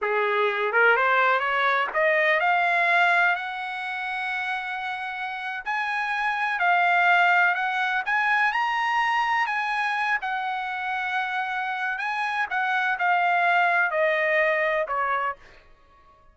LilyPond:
\new Staff \with { instrumentName = "trumpet" } { \time 4/4 \tempo 4 = 125 gis'4. ais'8 c''4 cis''4 | dis''4 f''2 fis''4~ | fis''2.~ fis''8. gis''16~ | gis''4.~ gis''16 f''2 fis''16~ |
fis''8. gis''4 ais''2 gis''16~ | gis''4~ gis''16 fis''2~ fis''8.~ | fis''4 gis''4 fis''4 f''4~ | f''4 dis''2 cis''4 | }